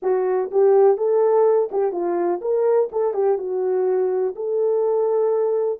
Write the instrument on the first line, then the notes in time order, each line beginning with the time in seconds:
horn
0.02 F#4
0.51 G4
0.97 A4
1.71 G4
1.92 F4
2.41 A#4
2.91 A4
3.13 G4
3.38 F#4
4.35 A4